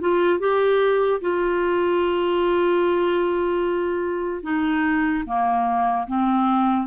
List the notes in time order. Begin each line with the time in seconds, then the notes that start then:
0.00 F4
0.39 G4
1.21 F4
4.43 D#4
5.26 A#3
6.07 C4